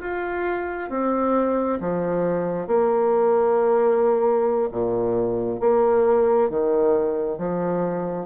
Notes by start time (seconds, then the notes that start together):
0.00 F4
0.90 C4
1.80 F3
2.67 A#3
4.72 A#2
5.60 A#3
6.50 D#3
7.38 F3